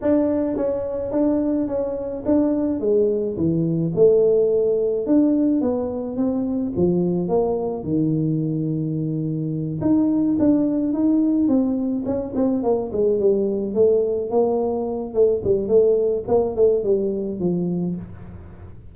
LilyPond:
\new Staff \with { instrumentName = "tuba" } { \time 4/4 \tempo 4 = 107 d'4 cis'4 d'4 cis'4 | d'4 gis4 e4 a4~ | a4 d'4 b4 c'4 | f4 ais4 dis2~ |
dis4. dis'4 d'4 dis'8~ | dis'8 c'4 cis'8 c'8 ais8 gis8 g8~ | g8 a4 ais4. a8 g8 | a4 ais8 a8 g4 f4 | }